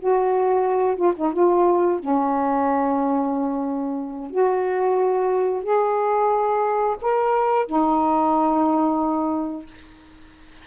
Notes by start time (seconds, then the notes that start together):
0.00 F#4
0.96 F4
1.16 D#4
1.33 F4
2.00 C#4
4.31 F#4
5.63 G#4
7.02 A#4
7.67 D#4